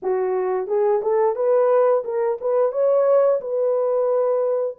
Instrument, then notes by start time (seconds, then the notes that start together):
horn
0.02 F#4
0.67 G#4
1.02 A4
1.35 B4
2.04 A#4
2.40 B4
2.72 C#5
3.40 B4